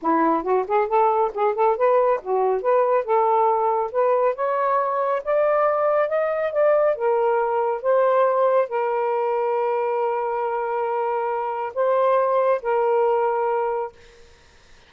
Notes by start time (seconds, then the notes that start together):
0.02 E4
0.43 F#4
0.67 G#4
0.88 A4
1.34 G#4
1.55 A4
1.76 B4
2.22 F#4
2.61 B4
3.04 A4
3.91 B4
4.35 C#5
5.24 D5
6.08 D#5
6.52 D5
6.95 A#4
7.81 C5
8.68 A#4
11.74 C5
12.62 A#4